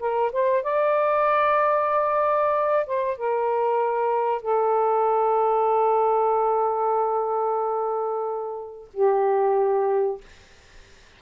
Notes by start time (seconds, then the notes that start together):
0.00 A#4
0.32 C5
0.63 D5
2.87 C5
3.17 A#4
4.42 A4
8.94 G4